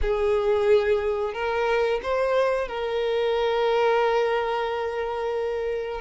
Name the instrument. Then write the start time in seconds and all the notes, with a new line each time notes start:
violin
0.01 G#4
1.33 A#4
2.02 C5
2.68 A#4